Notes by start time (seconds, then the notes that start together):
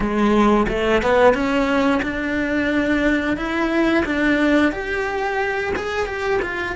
0.00 G#3
0.68 A3
1.02 B3
1.34 C#4
2.02 D4
3.36 E4
4.05 D4
4.72 G4
5.76 G#4
6.06 G4
6.42 F4